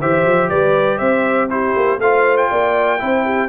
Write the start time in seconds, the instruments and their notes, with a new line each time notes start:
0.00 tuba E3, trombone G4, horn C5, trumpet E5
0.26 tuba F3
0.49 tuba G3, horn B4, trumpet D5
0.98 tuba C4, horn C5, trumpet E5
1.50 trombone E4, horn G4, trumpet C5
1.76 tuba A#3
1.99 tuba A3, trombone F4, horn C5, trumpet F5
2.37 trumpet G5
2.50 tuba A#3, horn D5
2.99 tuba C4, trombone E4, horn C5
3.25 horn G4